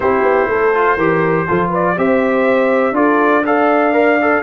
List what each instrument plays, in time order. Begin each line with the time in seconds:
0.00 tuba C4, trombone E4, horn G4, trumpet C5
0.22 tuba B3
0.48 tuba A3, horn A4
0.73 trombone F4
0.96 tuba E3, trombone G4, horn A#4
1.47 tuba F3, trombone F4, horn A4
1.69 horn B4, trumpet D5
1.96 tuba C4, trombone G4, horn C5, trumpet E5
2.91 tuba D4, trombone F4, horn A4, trumpet D5
3.45 trombone A4, horn D5, trumpet F5
3.93 trombone A#4
4.21 trombone A4